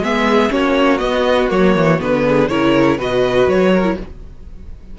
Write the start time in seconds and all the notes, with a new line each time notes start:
0.00 G#3 B3 G#4 E5
0.50 A#3 C#4 F#4 C#5
0.98 B3 D#5
1.49 F#3 A#3 C#5
1.76 E3
1.99 D3 B3 B4
2.26 G#4
2.49 C#3 E4 A#4 C#5
2.98 B2 F#4 B4 D#5
3.48 F#3 C#5
3.74 A#4
3.84 E4